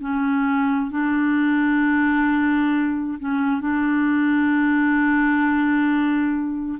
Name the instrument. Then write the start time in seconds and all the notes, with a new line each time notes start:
clarinet
0.00 C#4
0.91 D4
3.19 C#4
3.61 D4